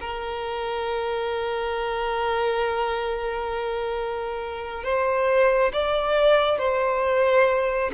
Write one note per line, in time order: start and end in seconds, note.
0.00 4.83 A#4
4.83 5.72 C5
5.73 6.58 D5
6.58 7.91 C5